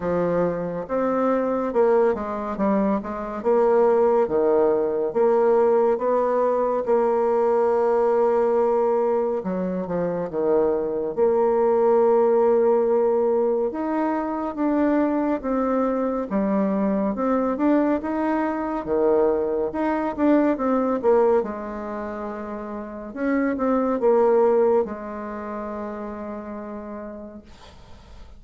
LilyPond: \new Staff \with { instrumentName = "bassoon" } { \time 4/4 \tempo 4 = 70 f4 c'4 ais8 gis8 g8 gis8 | ais4 dis4 ais4 b4 | ais2. fis8 f8 | dis4 ais2. |
dis'4 d'4 c'4 g4 | c'8 d'8 dis'4 dis4 dis'8 d'8 | c'8 ais8 gis2 cis'8 c'8 | ais4 gis2. | }